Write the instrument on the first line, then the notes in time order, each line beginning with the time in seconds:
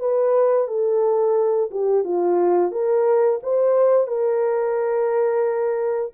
horn
0.00 B4
0.68 A4
1.71 G4
2.05 F4
2.72 A#4
3.43 C5
4.08 A#4